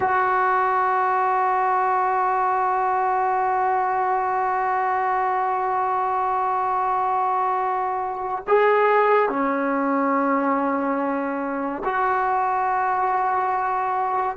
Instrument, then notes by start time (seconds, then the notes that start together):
trombone
0.00 F#4
8.47 G#4
9.29 C#4
11.84 F#4